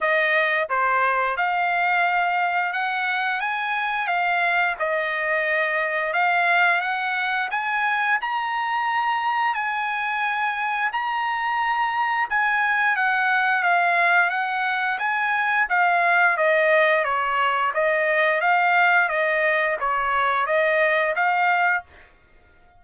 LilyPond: \new Staff \with { instrumentName = "trumpet" } { \time 4/4 \tempo 4 = 88 dis''4 c''4 f''2 | fis''4 gis''4 f''4 dis''4~ | dis''4 f''4 fis''4 gis''4 | ais''2 gis''2 |
ais''2 gis''4 fis''4 | f''4 fis''4 gis''4 f''4 | dis''4 cis''4 dis''4 f''4 | dis''4 cis''4 dis''4 f''4 | }